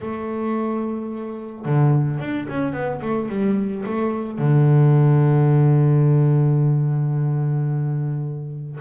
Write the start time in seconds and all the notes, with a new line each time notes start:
0.01 A3
1.65 D3
2.19 D4
2.48 C#4
2.72 B3
3.01 A3
3.29 G3
3.85 A3
4.38 D3